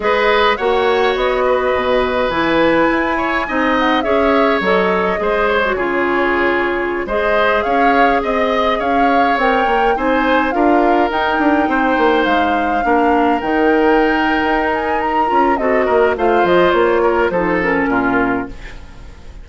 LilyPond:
<<
  \new Staff \with { instrumentName = "flute" } { \time 4/4 \tempo 4 = 104 dis''4 fis''4 dis''2 | gis''2~ gis''8 fis''8 e''4 | dis''4. cis''2~ cis''8~ | cis''16 dis''4 f''4 dis''4 f''8.~ |
f''16 g''4 gis''4 f''4 g''8.~ | g''4~ g''16 f''2 g''8.~ | g''4. gis''8 ais''4 dis''4 | f''8 dis''8 cis''4 c''8 ais'4. | }
  \new Staff \with { instrumentName = "oboe" } { \time 4/4 b'4 cis''4. b'4.~ | b'4. cis''8 dis''4 cis''4~ | cis''4 c''4 gis'2~ | gis'16 c''4 cis''4 dis''4 cis''8.~ |
cis''4~ cis''16 c''4 ais'4.~ ais'16~ | ais'16 c''2 ais'4.~ ais'16~ | ais'2. a'8 ais'8 | c''4. ais'8 a'4 f'4 | }
  \new Staff \with { instrumentName = "clarinet" } { \time 4/4 gis'4 fis'2. | e'2 dis'4 gis'4 | a'4 gis'8. fis'16 f'2~ | f'16 gis'2.~ gis'8.~ |
gis'16 ais'4 dis'4 f'4 dis'8.~ | dis'2~ dis'16 d'4 dis'8.~ | dis'2~ dis'8 f'8 fis'4 | f'2 dis'8 cis'4. | }
  \new Staff \with { instrumentName = "bassoon" } { \time 4/4 gis4 ais4 b4 b,4 | e4 e'4 c'4 cis'4 | fis4 gis4 cis2~ | cis16 gis4 cis'4 c'4 cis'8.~ |
cis'16 c'8 ais8 c'4 d'4 dis'8 d'16~ | d'16 c'8 ais8 gis4 ais4 dis8.~ | dis4 dis'4. cis'8 c'8 ais8 | a8 f8 ais4 f4 ais,4 | }
>>